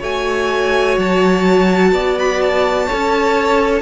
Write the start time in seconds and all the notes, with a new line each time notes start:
0.00 A3 F#4 C#5 G#5
0.97 F#3 A5
1.92 B3 D5
2.18 B5
2.41 A5
2.86 A4 C#5
2.92 C#4